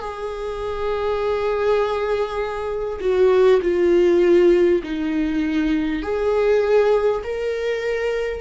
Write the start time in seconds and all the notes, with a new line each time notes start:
0.00 G#4
3.01 F#4
3.63 F4
4.83 D#4
6.03 G#4
7.24 A#4